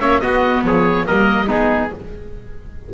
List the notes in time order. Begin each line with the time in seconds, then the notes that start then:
0.00 A#3 C#4 C#5 E5
0.20 B3 F#4 D#5
0.63 F3 G#4 C#5
1.06 G3 A#3 A#4 D#5
1.47 G#3 B3 D#4 G#4